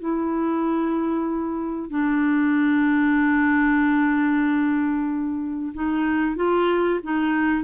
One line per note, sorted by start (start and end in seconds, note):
0.00 1.90 E4
1.90 5.73 D4
5.74 6.37 D#4
6.37 7.00 F4
7.04 7.64 D#4